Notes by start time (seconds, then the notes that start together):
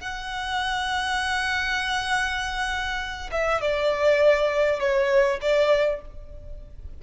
0.00 F#5
3.32 E5
3.61 D5
4.79 C#5
5.41 D5